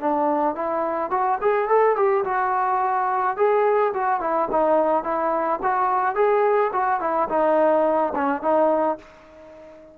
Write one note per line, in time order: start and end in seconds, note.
0.00 0.55 D4
0.55 1.10 E4
1.10 1.38 F#4
1.41 1.68 G#4
1.68 1.96 A4
1.96 2.24 G4
2.25 3.37 F#4
3.37 3.93 G#4
3.94 4.20 F#4
4.20 4.48 E4
4.51 5.03 D#4
5.03 5.59 E4
5.62 6.15 F#4
6.15 6.71 G#4
6.72 7.00 F#4
7.00 7.28 E4
7.29 8.13 D#4
8.15 8.42 C#4
8.42 8.98 D#4